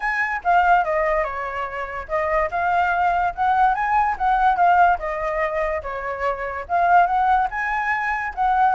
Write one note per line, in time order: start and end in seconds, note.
0.00 0.41 G#5
0.44 0.84 F5
0.84 1.23 D#5
1.23 2.07 C#5
2.08 2.50 D#5
2.50 3.34 F5
3.35 3.74 F#5
3.74 4.16 G#5
4.17 4.56 F#5
4.56 4.98 F5
4.98 5.82 D#5
5.82 6.65 C#5
6.68 7.06 F5
7.06 7.48 F#5
7.50 8.33 G#5
8.34 8.75 F#5